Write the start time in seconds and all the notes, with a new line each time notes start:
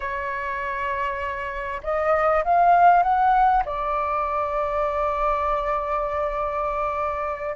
0.00 C#5
1.83 D#5
2.44 F5
3.02 F#5
3.65 D5